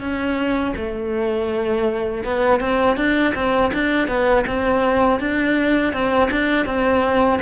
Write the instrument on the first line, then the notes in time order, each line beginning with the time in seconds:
cello
0.00 C#4
0.76 A3
2.24 B3
2.60 C4
2.97 D4
3.35 C4
3.73 D4
4.08 B3
4.46 C4
5.20 D4
5.93 C4
6.31 D4
6.66 C4